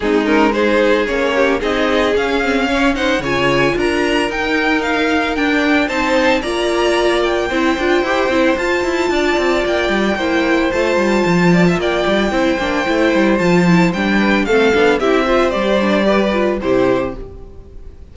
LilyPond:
<<
  \new Staff \with { instrumentName = "violin" } { \time 4/4 \tempo 4 = 112 gis'8 ais'8 c''4 cis''4 dis''4 | f''4. fis''8 gis''4 ais''4 | g''4 f''4 g''4 a''4 | ais''4. g''2~ g''8 |
a''2 g''2 | a''2 g''2~ | g''4 a''4 g''4 f''4 | e''4 d''2 c''4 | }
  \new Staff \with { instrumentName = "violin" } { \time 4/4 dis'4 gis'4. g'8 gis'4~ | gis'4 cis''8 c''8 cis''4 ais'4~ | ais'2. c''4 | d''2 c''2~ |
c''4 d''2 c''4~ | c''4. d''16 e''16 d''4 c''4~ | c''2~ c''8 b'8 a'4 | g'8 c''4. b'4 g'4 | }
  \new Staff \with { instrumentName = "viola" } { \time 4/4 c'8 cis'8 dis'4 cis'4 dis'4 | cis'8 c'8 cis'8 dis'8 f'2 | dis'2 d'4 dis'4 | f'2 e'8 f'8 g'8 e'8 |
f'2. e'4 | f'2. e'8 d'8 | e'4 f'8 e'8 d'4 c'8 d'8 | e'8 f'8 g'8 d'8 g'8 f'8 e'4 | }
  \new Staff \with { instrumentName = "cello" } { \time 4/4 gis2 ais4 c'4 | cis'2 cis4 d'4 | dis'2 d'4 c'4 | ais2 c'8 d'8 e'8 c'8 |
f'8 e'8 d'8 c'8 ais8 g8 ais4 | a8 g8 f4 ais8 g8 c'8 ais8 | a8 g8 f4 g4 a8 b8 | c'4 g2 c4 | }
>>